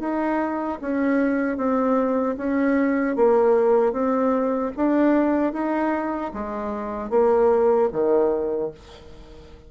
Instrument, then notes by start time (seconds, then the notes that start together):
bassoon
0.00 D#4
0.81 C#4
1.57 C4
2.37 C#4
3.16 A#3
3.93 C4
4.77 D4
5.53 D#4
6.34 G#3
7.10 A#3
7.92 D#3